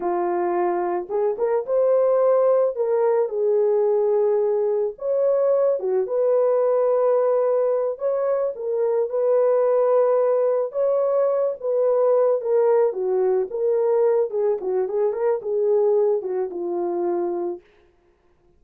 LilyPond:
\new Staff \with { instrumentName = "horn" } { \time 4/4 \tempo 4 = 109 f'2 gis'8 ais'8 c''4~ | c''4 ais'4 gis'2~ | gis'4 cis''4. fis'8 b'4~ | b'2~ b'8 cis''4 ais'8~ |
ais'8 b'2. cis''8~ | cis''4 b'4. ais'4 fis'8~ | fis'8 ais'4. gis'8 fis'8 gis'8 ais'8 | gis'4. fis'8 f'2 | }